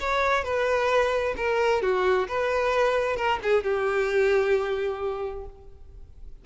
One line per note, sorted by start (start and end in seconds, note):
0.00 0.44 C#5
0.44 1.35 B4
1.37 1.82 A#4
1.82 2.28 F#4
2.28 3.17 B4
3.17 3.39 A#4
3.43 3.63 G#4
3.63 5.45 G4